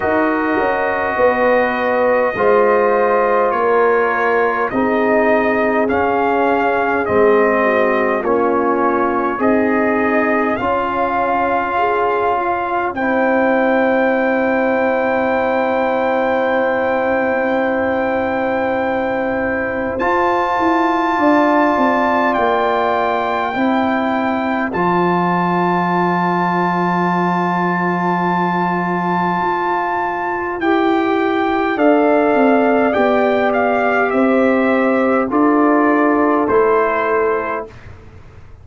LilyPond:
<<
  \new Staff \with { instrumentName = "trumpet" } { \time 4/4 \tempo 4 = 51 dis''2. cis''4 | dis''4 f''4 dis''4 cis''4 | dis''4 f''2 g''4~ | g''1~ |
g''4 a''2 g''4~ | g''4 a''2.~ | a''2 g''4 f''4 | g''8 f''8 e''4 d''4 c''4 | }
  \new Staff \with { instrumentName = "horn" } { \time 4/4 ais'4 b'4 c''4 ais'4 | gis'2~ gis'8 fis'8 f'4 | dis'4 cis'4 gis'8 f'8 c''4~ | c''1~ |
c''2 d''2 | c''1~ | c''2. d''4~ | d''4 c''4 a'2 | }
  \new Staff \with { instrumentName = "trombone" } { \time 4/4 fis'2 f'2 | dis'4 cis'4 c'4 cis'4 | gis'4 f'2 e'4~ | e'1~ |
e'4 f'2. | e'4 f'2.~ | f'2 g'4 a'4 | g'2 f'4 e'4 | }
  \new Staff \with { instrumentName = "tuba" } { \time 4/4 dis'8 cis'8 b4 gis4 ais4 | c'4 cis'4 gis4 ais4 | c'4 cis'2 c'4~ | c'1~ |
c'4 f'8 e'8 d'8 c'8 ais4 | c'4 f2.~ | f4 f'4 e'4 d'8 c'8 | b4 c'4 d'4 a4 | }
>>